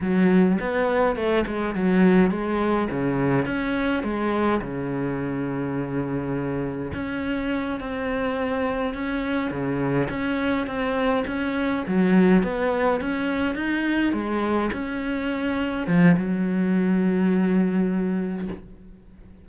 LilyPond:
\new Staff \with { instrumentName = "cello" } { \time 4/4 \tempo 4 = 104 fis4 b4 a8 gis8 fis4 | gis4 cis4 cis'4 gis4 | cis1 | cis'4. c'2 cis'8~ |
cis'8 cis4 cis'4 c'4 cis'8~ | cis'8 fis4 b4 cis'4 dis'8~ | dis'8 gis4 cis'2 f8 | fis1 | }